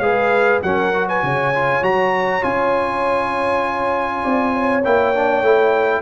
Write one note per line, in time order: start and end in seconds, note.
0.00 0.60 G#3
0.00 0.62 G#4
0.00 0.64 B4
0.00 0.60 F5
0.63 1.23 F#3
0.63 0.94 C#4
0.63 1.09 A#4
0.63 1.08 F#5
0.94 1.54 F#4
1.09 1.24 B4
1.09 1.84 G#5
1.23 1.82 C#3
1.23 4.23 C#5
1.55 1.82 F4
1.82 2.42 F#3
1.82 2.42 F#4
1.82 2.44 A#5
2.42 4.25 C#4
2.42 4.82 F4
2.42 4.84 G#5
4.23 4.85 C4
4.23 4.53 D5
4.54 6.02 C#5
4.85 5.42 A#3
4.85 5.15 E4
4.85 6.02 G5
5.15 5.44 D4
5.42 6.02 A3
5.42 6.02 E4